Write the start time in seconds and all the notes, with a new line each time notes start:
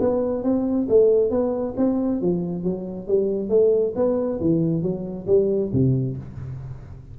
0.00 B3
0.43 C4
0.89 A3
1.30 B3
1.77 C4
2.21 F3
2.64 F#3
3.07 G3
3.49 A3
3.95 B3
4.40 E3
4.82 F#3
5.27 G3
5.73 C3